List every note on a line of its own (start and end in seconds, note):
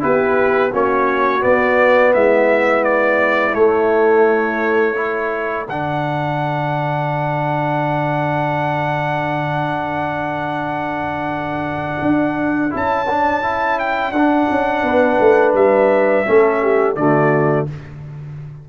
0.00 0.74 B3
0.00 0.71 E4
0.00 0.72 G4
0.00 0.73 B4
0.72 1.44 A#3
0.72 1.40 C#4
0.72 2.13 F#4
0.72 1.43 C#5
1.40 3.52 B3
1.40 2.15 B3
1.40 2.13 D5
2.14 3.56 G#3
2.14 4.97 E4
2.14 2.84 E5
2.84 3.55 D5
3.54 4.95 A3
3.54 5.67 A3
3.54 5.66 C#5
4.95 5.66 E4
4.95 14.85 A4
5.67 12.02 D3
5.67 12.70 D4
5.67 12.75 F#5
12.02 12.72 D4
12.70 14.11 C#4
12.70 13.06 E4
12.70 13.79 A5
13.10 13.42 D4
13.42 14.13 E4
13.79 14.12 G5
14.11 14.47 D4
14.11 16.26 D4
14.11 15.53 F#5
14.51 14.83 C#4
14.83 15.18 B3
14.83 16.27 B4
15.20 15.54 A3
15.54 16.24 G3
15.54 16.96 E5
16.26 16.96 A3
16.26 16.96 C#4
16.26 16.62 A4
16.63 16.98 G4
16.96 17.67 D3
16.96 17.68 A3
16.96 17.69 F#4
16.96 17.66 D5